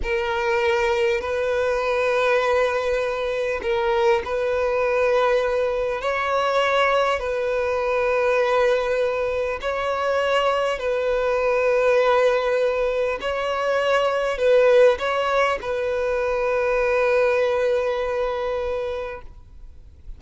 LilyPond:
\new Staff \with { instrumentName = "violin" } { \time 4/4 \tempo 4 = 100 ais'2 b'2~ | b'2 ais'4 b'4~ | b'2 cis''2 | b'1 |
cis''2 b'2~ | b'2 cis''2 | b'4 cis''4 b'2~ | b'1 | }